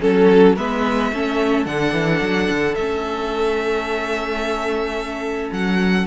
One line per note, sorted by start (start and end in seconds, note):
0.00 0.58 F#3
0.00 0.55 C#4
0.00 0.56 A4
0.56 1.12 G#3
0.56 1.13 B3
0.56 1.11 B4
0.56 1.66 E5
1.12 1.66 A3
1.12 1.66 C#4
1.12 6.07 A4
1.66 1.93 D3
1.66 2.76 D4
1.66 2.75 F#5
1.93 2.21 E3
2.21 2.49 F#3
2.50 2.75 D3
2.75 5.50 A3
2.75 6.07 C#4
2.75 5.50 E5
5.52 6.07 F#3
5.52 6.07 F#5